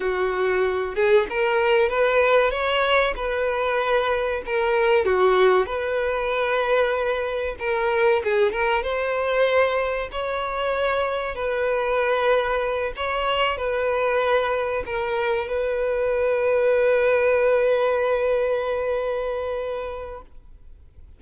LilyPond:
\new Staff \with { instrumentName = "violin" } { \time 4/4 \tempo 4 = 95 fis'4. gis'8 ais'4 b'4 | cis''4 b'2 ais'4 | fis'4 b'2. | ais'4 gis'8 ais'8 c''2 |
cis''2 b'2~ | b'8 cis''4 b'2 ais'8~ | ais'8 b'2.~ b'8~ | b'1 | }